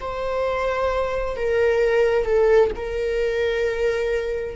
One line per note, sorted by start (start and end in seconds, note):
0.00 1.36 C5
1.36 2.25 A#4
2.25 2.70 A4
2.75 4.55 A#4